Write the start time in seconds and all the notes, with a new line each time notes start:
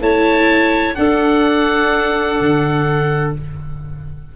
0.00 A3 E4 C#5 A5
0.94 D4 A4 F#5
2.40 D3